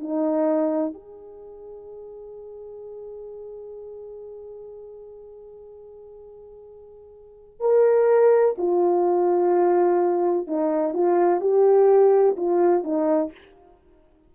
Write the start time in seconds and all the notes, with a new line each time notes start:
0.00 D#4
0.94 G#4
7.61 A#4
8.58 F4
10.47 D#4
10.94 F4
11.41 G4
12.37 F4
12.84 D#4